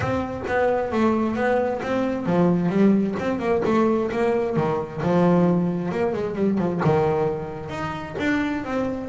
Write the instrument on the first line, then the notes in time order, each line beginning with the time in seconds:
double bass
0.00 C4
0.47 B3
0.92 A3
1.35 B3
1.82 C4
2.25 F3
2.69 G3
3.19 C4
3.39 A#3
3.65 A3
4.11 A#3
4.56 D#3
5.02 F3
5.91 A#3
6.13 G#3
6.35 G3
6.58 F3
6.84 D#3
7.69 D#4
8.19 D4
8.64 C4